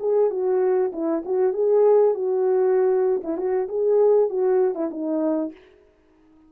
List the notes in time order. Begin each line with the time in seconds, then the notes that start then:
0.00 G#4
0.31 F#4
0.93 E4
1.26 F#4
1.53 G#4
2.15 F#4
3.24 E4
3.37 F#4
3.68 G#4
4.30 F#4
4.75 E4
4.91 D#4